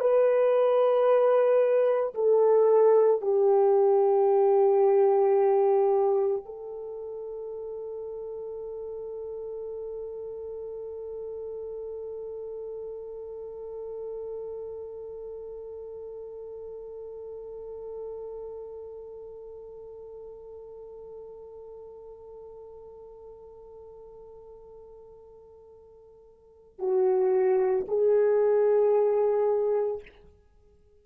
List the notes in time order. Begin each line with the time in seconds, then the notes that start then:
0.00 B4
2.14 A4
3.21 G4
6.45 A4
26.79 F#4
27.88 G#4